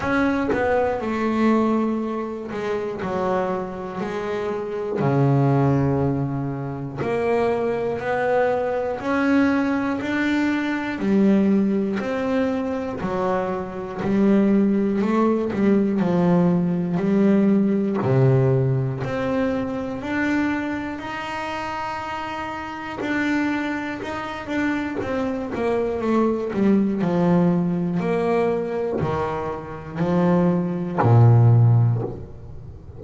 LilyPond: \new Staff \with { instrumentName = "double bass" } { \time 4/4 \tempo 4 = 60 cis'8 b8 a4. gis8 fis4 | gis4 cis2 ais4 | b4 cis'4 d'4 g4 | c'4 fis4 g4 a8 g8 |
f4 g4 c4 c'4 | d'4 dis'2 d'4 | dis'8 d'8 c'8 ais8 a8 g8 f4 | ais4 dis4 f4 ais,4 | }